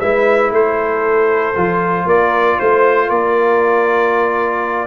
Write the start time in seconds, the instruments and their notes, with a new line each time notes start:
0.00 tuba G#3, trombone E4, horn B4, trumpet E5
0.51 tuba A3, horn A4, trumpet C5
1.55 tuba F3, trombone F4
2.06 tuba A#3, horn A#4, trumpet D5
2.59 tuba A3, horn C5, trumpet C5
3.10 tuba A#3, horn A#4, trumpet D5